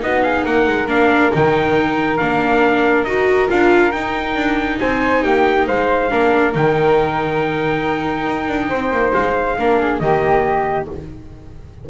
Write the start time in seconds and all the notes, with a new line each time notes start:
0.00 B3 D#4 F#4 D#5
0.23 G#4 F5
0.45 A#3 A#4 F#5
0.68 G#3
0.87 A#3 D4 F5
1.32 D#3 D#4 G5
2.18 A#3 D4 F5
3.05 D#4 F#4 D#5
3.49 D4 F4 F5
3.92 D#4 G5
4.36 D4
4.80 C4 C5 G#5
5.23 A#3 G4 G5
5.68 G#3 C5 F5
6.11 A#3 D4 A#4
6.53 D#3 D#4 G5
8.27 D#4
8.49 D4
8.70 C4 C5
8.92 A#3
9.14 G#3 F5
9.59 A#3 D4 A#4
9.79 G#4
10.00 D#3 A#3 G4 D#5